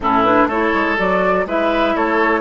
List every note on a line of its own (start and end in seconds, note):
0.00 0.46 A2
0.00 0.25 C#4
0.00 0.48 E4
0.00 0.23 A4
0.23 0.50 D4
0.23 0.48 B4
0.46 0.70 A3
0.46 0.97 E4
0.46 1.45 A4
0.46 0.98 C#5
0.73 0.97 G#3
0.97 1.45 F#3
0.97 1.45 F#4
0.97 1.47 D5
1.45 1.94 G#3
1.45 2.40 E4
1.45 1.95 B4
1.45 1.96 E5
1.95 2.40 A3
1.95 2.40 A4
1.95 2.40 C#5